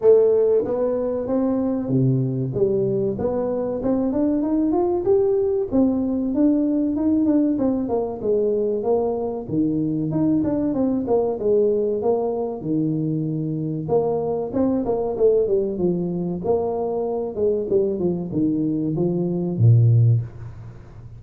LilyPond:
\new Staff \with { instrumentName = "tuba" } { \time 4/4 \tempo 4 = 95 a4 b4 c'4 c4 | g4 b4 c'8 d'8 dis'8 f'8 | g'4 c'4 d'4 dis'8 d'8 | c'8 ais8 gis4 ais4 dis4 |
dis'8 d'8 c'8 ais8 gis4 ais4 | dis2 ais4 c'8 ais8 | a8 g8 f4 ais4. gis8 | g8 f8 dis4 f4 ais,4 | }